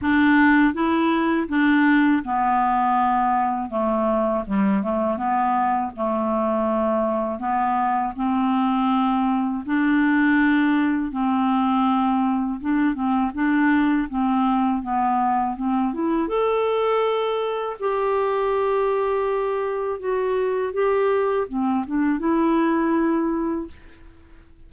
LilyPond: \new Staff \with { instrumentName = "clarinet" } { \time 4/4 \tempo 4 = 81 d'4 e'4 d'4 b4~ | b4 a4 g8 a8 b4 | a2 b4 c'4~ | c'4 d'2 c'4~ |
c'4 d'8 c'8 d'4 c'4 | b4 c'8 e'8 a'2 | g'2. fis'4 | g'4 c'8 d'8 e'2 | }